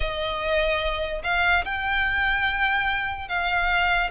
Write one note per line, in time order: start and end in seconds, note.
0.00 1.22 D#5
1.23 1.64 F5
1.64 3.28 G5
3.28 4.10 F5